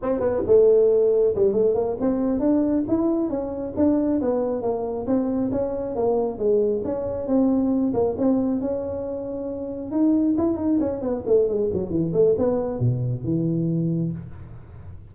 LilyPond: \new Staff \with { instrumentName = "tuba" } { \time 4/4 \tempo 4 = 136 c'8 b8 a2 g8 a8 | ais8 c'4 d'4 e'4 cis'8~ | cis'8 d'4 b4 ais4 c'8~ | c'8 cis'4 ais4 gis4 cis'8~ |
cis'8 c'4. ais8 c'4 cis'8~ | cis'2~ cis'8 dis'4 e'8 | dis'8 cis'8 b8 a8 gis8 fis8 e8 a8 | b4 b,4 e2 | }